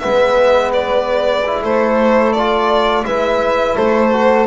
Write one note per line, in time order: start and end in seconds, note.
0.00 1.61 G#3
0.00 1.43 B3
0.00 1.62 B4
0.00 0.71 E5
0.73 1.62 D5
1.47 2.36 E4
1.61 3.04 A3
1.61 3.06 A4
1.61 2.33 C5
2.33 3.04 F4
2.33 3.05 D5
3.04 3.77 G#3
3.04 4.12 E4
3.04 3.76 B4
3.04 3.77 E5
3.76 4.47 A3
3.76 4.47 A4
3.76 4.47 C5
4.13 4.47 F#4